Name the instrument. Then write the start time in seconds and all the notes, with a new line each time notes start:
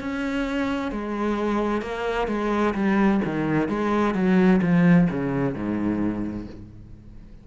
cello
0.00 C#4
0.91 G#3
1.82 A#3
2.28 G#3
2.74 G3
3.25 D#3
3.68 G#3
4.14 F#3
4.62 F3
5.10 C#3
5.54 G#2